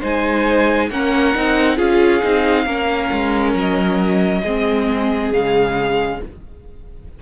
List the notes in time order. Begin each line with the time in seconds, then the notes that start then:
0.00 G#3 D#4 C5 G#5
0.90 A#3 C#4 A#4 F#5
1.34 C4 D#4
1.76 C#4 F4 G#4 F5
2.22 C4 D#4
2.65 A#3 C#4 A#4
3.12 G#3
3.53 F#3 D#5
4.42 G#3 C4 G#4
5.31 C#3 G#3 F5